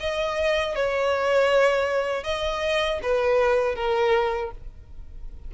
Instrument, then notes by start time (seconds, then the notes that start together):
violin
0.00 D#5
0.75 C#5
2.23 D#5
3.02 B4
3.75 A#4